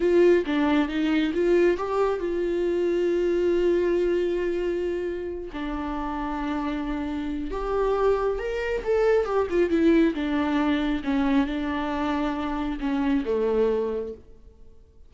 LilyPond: \new Staff \with { instrumentName = "viola" } { \time 4/4 \tempo 4 = 136 f'4 d'4 dis'4 f'4 | g'4 f'2.~ | f'1~ | f'8 d'2.~ d'8~ |
d'4 g'2 ais'4 | a'4 g'8 f'8 e'4 d'4~ | d'4 cis'4 d'2~ | d'4 cis'4 a2 | }